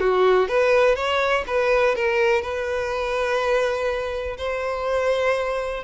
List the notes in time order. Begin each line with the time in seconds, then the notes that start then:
0.00 F#4
0.48 B4
0.96 C#5
1.47 B4
1.96 A#4
2.42 B4
4.38 C5